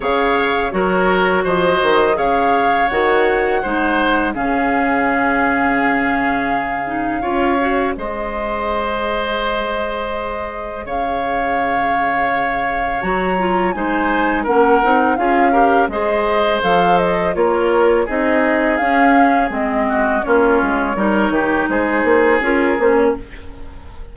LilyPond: <<
  \new Staff \with { instrumentName = "flute" } { \time 4/4 \tempo 4 = 83 f''4 cis''4 dis''4 f''4 | fis''2 f''2~ | f''2. dis''4~ | dis''2. f''4~ |
f''2 ais''4 gis''4 | fis''4 f''4 dis''4 f''8 dis''8 | cis''4 dis''4 f''4 dis''4 | cis''2 c''4 ais'8 c''16 cis''16 | }
  \new Staff \with { instrumentName = "oboe" } { \time 4/4 cis''4 ais'4 c''4 cis''4~ | cis''4 c''4 gis'2~ | gis'2 cis''4 c''4~ | c''2. cis''4~ |
cis''2. c''4 | ais'4 gis'8 ais'8 c''2 | ais'4 gis'2~ gis'8 fis'8 | f'4 ais'8 g'8 gis'2 | }
  \new Staff \with { instrumentName = "clarinet" } { \time 4/4 gis'4 fis'2 gis'4 | fis'4 dis'4 cis'2~ | cis'4. dis'8 f'8 fis'8 gis'4~ | gis'1~ |
gis'2 fis'8 f'8 dis'4 | cis'8 dis'8 f'8 g'8 gis'4 a'4 | f'4 dis'4 cis'4 c'4 | cis'4 dis'2 f'8 cis'8 | }
  \new Staff \with { instrumentName = "bassoon" } { \time 4/4 cis4 fis4 f8 dis8 cis4 | dis4 gis4 cis2~ | cis2 cis'4 gis4~ | gis2. cis4~ |
cis2 fis4 gis4 | ais8 c'8 cis'4 gis4 f4 | ais4 c'4 cis'4 gis4 | ais8 gis8 g8 dis8 gis8 ais8 cis'8 ais8 | }
>>